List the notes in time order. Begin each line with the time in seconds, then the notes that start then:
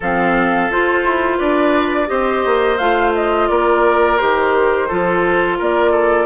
0.00 F3 C4 A4 F5
0.70 F4 C5
1.04 E4
1.37 D4 B4 D5
2.06 C4 G4 C5 D#5
2.45 A#3
2.78 A3 F4 F5
3.14 D#5
3.48 A#3 A#4 D5
4.17 D#3 G4 C5
4.88 F3 F4 A4
5.58 A#3 A#4 D5
5.91 A4